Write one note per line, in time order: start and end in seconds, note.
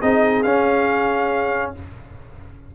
0.00 0.44 C4
0.00 0.45 D#4
0.00 1.73 G#4
0.00 0.43 D#5
0.43 1.73 C#4
0.43 1.75 C#4
0.43 1.72 F5